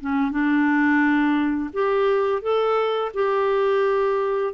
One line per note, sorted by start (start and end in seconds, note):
0.00 0.31 C#4
0.31 1.70 D4
1.73 2.42 G4
2.42 3.11 A4
3.14 4.53 G4